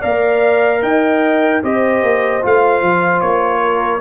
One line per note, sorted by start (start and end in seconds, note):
0.00 0.83 A#3
0.00 1.63 A#4
0.00 0.80 D5
0.00 0.82 F5
0.82 1.62 D#4
0.82 1.62 D#5
0.82 1.63 G5
1.63 2.03 C4
1.63 2.42 G4
1.63 3.63 C5
1.63 2.45 D#5
2.03 2.43 A#3
2.42 2.82 A3
2.42 4.01 F4
2.42 3.21 F5
2.82 3.22 F3
3.21 4.01 A#3
3.21 4.01 C#5
3.63 4.01 A#4